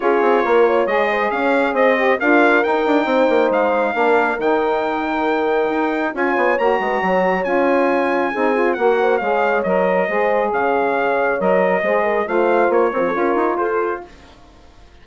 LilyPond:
<<
  \new Staff \with { instrumentName = "trumpet" } { \time 4/4 \tempo 4 = 137 cis''2 dis''4 f''4 | dis''4 f''4 g''2 | f''2 g''2~ | g''2 gis''4 ais''4~ |
ais''4 gis''2. | fis''4 f''4 dis''2 | f''2 dis''2 | f''4 cis''2 c''4 | }
  \new Staff \with { instrumentName = "horn" } { \time 4/4 gis'4 ais'8 cis''4 c''8 cis''4 | c''4 ais'2 c''4~ | c''4 ais'2.~ | ais'2 cis''4. b'8 |
cis''2. gis'4 | ais'8 c''8 cis''2 c''4 | cis''2. c''8 ais'8 | c''4. ais'16 a'16 ais'4 a'4 | }
  \new Staff \with { instrumentName = "saxophone" } { \time 4/4 f'2 gis'2~ | gis'8 g'8 f'4 dis'2~ | dis'4 d'4 dis'2~ | dis'2 f'4 fis'4~ |
fis'4 f'2 dis'8 f'8 | fis'4 gis'4 ais'4 gis'4~ | gis'2 ais'4 gis'4 | f'4. f8 f'2 | }
  \new Staff \with { instrumentName = "bassoon" } { \time 4/4 cis'8 c'8 ais4 gis4 cis'4 | c'4 d'4 dis'8 d'8 c'8 ais8 | gis4 ais4 dis2~ | dis4 dis'4 cis'8 b8 ais8 gis8 |
fis4 cis'2 c'4 | ais4 gis4 fis4 gis4 | cis2 fis4 gis4 | a4 ais8 c'8 cis'8 dis'8 f'4 | }
>>